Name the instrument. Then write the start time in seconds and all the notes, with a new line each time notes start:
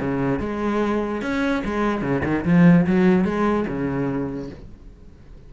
cello
0.00 C#3
0.40 G#3
1.22 C#4
1.65 G#3
2.02 C#3
2.25 D#3
2.46 F3
2.87 F#3
3.25 G#3
3.68 C#3